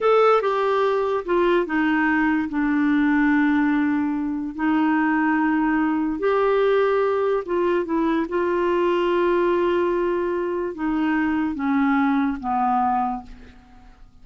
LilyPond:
\new Staff \with { instrumentName = "clarinet" } { \time 4/4 \tempo 4 = 145 a'4 g'2 f'4 | dis'2 d'2~ | d'2. dis'4~ | dis'2. g'4~ |
g'2 f'4 e'4 | f'1~ | f'2 dis'2 | cis'2 b2 | }